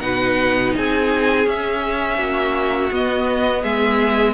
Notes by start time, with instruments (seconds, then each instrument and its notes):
0.00 cello B2, viola D#4, violin B4 F#5
0.75 cello C4, violin G#4 G#5
1.44 viola C#4, cello C#4, violin E5
2.17 cello A#3, violin F#4
2.91 cello B3, viola B3, violin D#5
3.62 cello G#3, violin G#4 E5